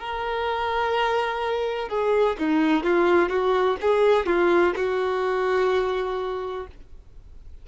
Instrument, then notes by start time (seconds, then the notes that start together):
violin
0.00 A#4
1.89 G#4
2.39 D#4
2.84 F4
3.29 F#4
3.81 G#4
4.26 F4
4.76 F#4